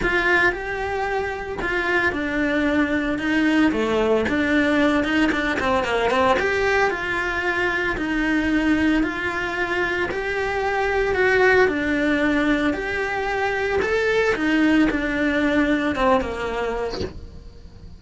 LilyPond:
\new Staff \with { instrumentName = "cello" } { \time 4/4 \tempo 4 = 113 f'4 g'2 f'4 | d'2 dis'4 a4 | d'4. dis'8 d'8 c'8 ais8 c'8 | g'4 f'2 dis'4~ |
dis'4 f'2 g'4~ | g'4 fis'4 d'2 | g'2 a'4 dis'4 | d'2 c'8 ais4. | }